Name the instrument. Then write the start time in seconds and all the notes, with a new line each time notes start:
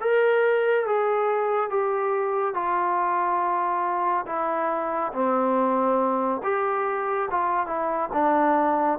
trombone
0.00 A#4
0.86 G#4
1.69 G4
2.54 F4
4.26 E4
5.13 C4
6.43 G4
7.30 F4
7.66 E4
8.13 D4